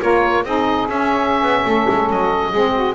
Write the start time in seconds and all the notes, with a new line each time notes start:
0.00 A#3 F4 A#4 C#5
0.44 C4 D#4 G#4 D#5
0.88 C#4 E5
1.42 B3
1.65 A3 A4
1.89 G#3
2.09 F#3 D#5
2.51 G#3 C4 G#4
2.73 F#4